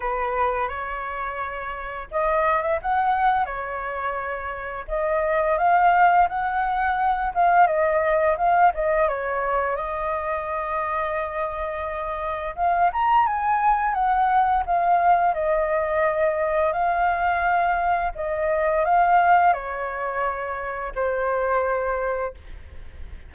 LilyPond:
\new Staff \with { instrumentName = "flute" } { \time 4/4 \tempo 4 = 86 b'4 cis''2 dis''8. e''16 | fis''4 cis''2 dis''4 | f''4 fis''4. f''8 dis''4 | f''8 dis''8 cis''4 dis''2~ |
dis''2 f''8 ais''8 gis''4 | fis''4 f''4 dis''2 | f''2 dis''4 f''4 | cis''2 c''2 | }